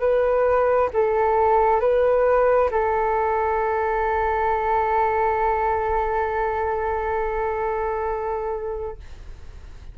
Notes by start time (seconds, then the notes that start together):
0.00 B4
0.94 A4
1.81 B4
2.72 A4